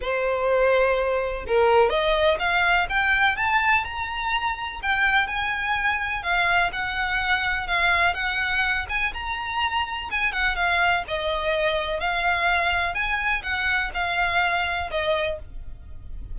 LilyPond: \new Staff \with { instrumentName = "violin" } { \time 4/4 \tempo 4 = 125 c''2. ais'4 | dis''4 f''4 g''4 a''4 | ais''2 g''4 gis''4~ | gis''4 f''4 fis''2 |
f''4 fis''4. gis''8 ais''4~ | ais''4 gis''8 fis''8 f''4 dis''4~ | dis''4 f''2 gis''4 | fis''4 f''2 dis''4 | }